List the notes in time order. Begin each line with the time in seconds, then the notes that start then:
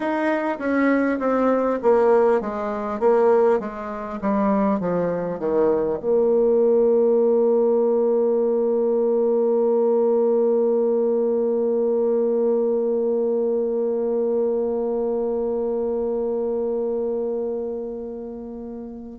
0.00 D#4
0.58 C#4
1.19 C4
1.82 A#3
2.41 G#3
2.99 A#3
3.59 G#3
4.21 G3
4.79 F3
5.39 D#3
5.99 A#3